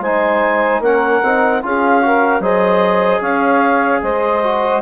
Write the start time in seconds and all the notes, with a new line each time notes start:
0.00 G#3 D#4 C5 G#5
0.80 A#3 C#4 A#4 F#5
1.23 C4 D#4
1.62 C#4 F4 G#4 F5
2.02 F#4 A#4
2.40 F#3 G#4 C5 D#5
3.20 C#4 C#5 F5
4.03 G#3 C5 D#5
4.43 F#4